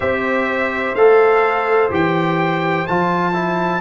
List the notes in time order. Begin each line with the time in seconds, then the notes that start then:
0.00 C4 G4 C5 E5
0.94 A3 A4 F5
1.90 E3 G4 G5
2.87 F3 F4 A5
3.33 E4